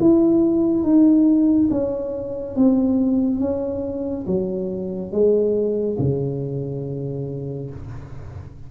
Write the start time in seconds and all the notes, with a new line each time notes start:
0.00 E4
0.83 D#4
1.71 C#4
2.56 C4
3.40 C#4
4.27 F#3
5.12 G#3
5.99 C#3